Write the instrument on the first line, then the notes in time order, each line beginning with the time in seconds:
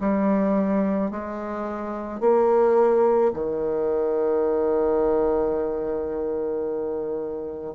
bassoon
0.00 G3
1.11 G#3
2.20 A#3
3.34 D#3